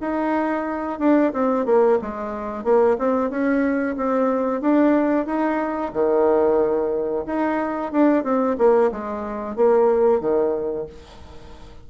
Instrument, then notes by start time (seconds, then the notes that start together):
bassoon
0.00 D#4
0.99 D4
1.32 C4
1.65 A#3
2.01 G#3
2.63 A#3
2.98 C4
3.30 C#4
3.96 C4
4.61 D4
5.26 D#4
5.93 D#3
7.26 D#4
7.92 D4
8.23 C4
8.57 A#3
8.91 G#3
9.56 A#3
10.20 D#3